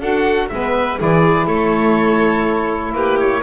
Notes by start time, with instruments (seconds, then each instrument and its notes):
0.00 double bass D4, saxophone F#4, violin A4, oboe F#5
0.49 double bass G#3, saxophone B3, violin B4, oboe E5
0.98 double bass E3, saxophone E4, violin G#4, oboe D5
1.47 double bass A3, violin A4, oboe C#5
2.93 double bass A#3, violin G4, oboe B4
3.20 oboe C#5